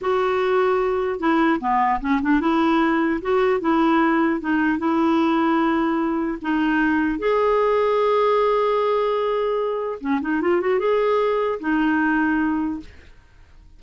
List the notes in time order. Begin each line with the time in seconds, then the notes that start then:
0.01 F#4
1.19 E4
1.60 B3
2.00 C#4
2.22 D4
2.40 E4
3.21 F#4
3.60 E4
4.40 D#4
4.78 E4
6.41 D#4
7.18 G#4
10.00 C#4
10.21 D#4
10.41 F4
10.60 F#4
10.79 G#4
11.60 D#4